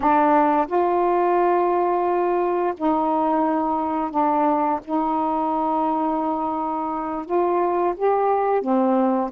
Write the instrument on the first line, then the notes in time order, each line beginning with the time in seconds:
saxophone
0.00 D4
0.67 F4
2.77 D#4
4.10 D4
4.84 D#4
7.25 F4
7.96 G4
8.61 C4